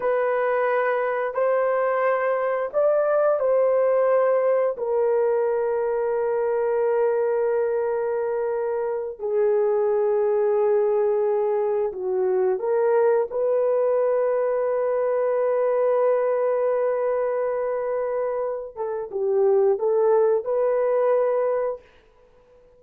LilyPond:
\new Staff \with { instrumentName = "horn" } { \time 4/4 \tempo 4 = 88 b'2 c''2 | d''4 c''2 ais'4~ | ais'1~ | ais'4. gis'2~ gis'8~ |
gis'4. fis'4 ais'4 b'8~ | b'1~ | b'2.~ b'8 a'8 | g'4 a'4 b'2 | }